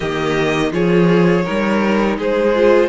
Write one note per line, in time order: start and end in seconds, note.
0.00 0.72 D#3
0.00 0.72 A#3
0.00 0.70 G4
0.00 0.72 D#5
0.72 1.45 F3
0.72 1.43 F4
0.72 1.45 G#4
0.72 2.18 C#5
1.43 2.51 D#4
1.43 2.17 A#4
1.49 2.18 G3
2.18 2.89 G#3
2.18 2.89 G#4
2.18 2.89 C5
2.53 2.89 F4